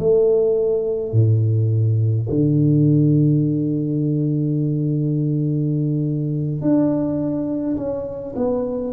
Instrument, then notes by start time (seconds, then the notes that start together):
tuba
0.00 A3
1.13 A2
2.30 D3
6.62 D4
7.77 C#4
8.37 B3